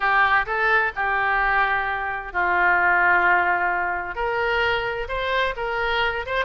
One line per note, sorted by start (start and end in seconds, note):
0.00 0.45 G4
0.46 0.92 A4
0.95 2.32 G4
2.32 4.15 F4
4.15 5.07 A#4
5.08 5.54 C5
5.56 6.25 A#4
6.25 6.45 C5